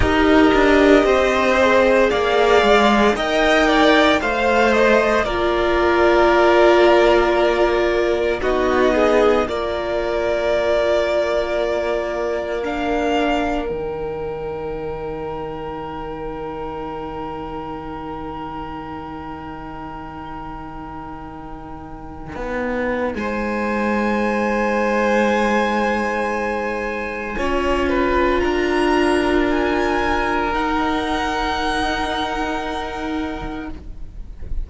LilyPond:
<<
  \new Staff \with { instrumentName = "violin" } { \time 4/4 \tempo 4 = 57 dis''2 f''4 g''4 | f''8 dis''8 d''2. | dis''4 d''2. | f''4 g''2.~ |
g''1~ | g''2 gis''2~ | gis''2. ais''4 | gis''4 fis''2. | }
  \new Staff \with { instrumentName = "violin" } { \time 4/4 ais'4 c''4 d''4 dis''8 d''8 | c''4 ais'2. | fis'8 gis'8 ais'2.~ | ais'1~ |
ais'1~ | ais'2 c''2~ | c''2 cis''8 b'8 ais'4~ | ais'1 | }
  \new Staff \with { instrumentName = "viola" } { \time 4/4 g'4. gis'4. ais'4 | c''4 f'2. | dis'4 f'2. | d'4 dis'2.~ |
dis'1~ | dis'1~ | dis'2 f'2~ | f'4 dis'2. | }
  \new Staff \with { instrumentName = "cello" } { \time 4/4 dis'8 d'8 c'4 ais8 gis8 dis'4 | a4 ais2. | b4 ais2.~ | ais4 dis2.~ |
dis1~ | dis4~ dis16 b8. gis2~ | gis2 cis'4 d'4~ | d'4 dis'2. | }
>>